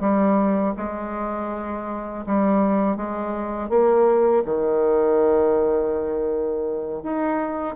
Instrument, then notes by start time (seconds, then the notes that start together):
bassoon
0.00 G3
0.76 G#3
2.26 G3
2.96 G#3
3.69 A#3
4.45 D#3
7.03 D#4